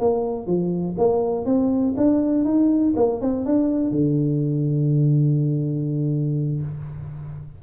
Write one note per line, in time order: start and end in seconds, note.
0.00 0.47 A#3
0.47 0.96 F3
0.98 1.45 A#3
1.45 1.94 C4
1.97 2.45 D4
2.45 2.94 D#4
2.96 3.21 A#3
3.21 3.45 C4
3.45 3.91 D4
3.91 6.62 D3